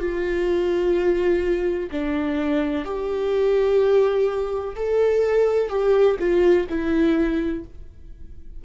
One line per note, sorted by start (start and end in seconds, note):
0.00 1.90 F4
1.92 2.85 D4
2.85 4.76 G4
4.76 5.69 A4
5.69 6.17 G4
6.19 6.67 F4
6.70 7.65 E4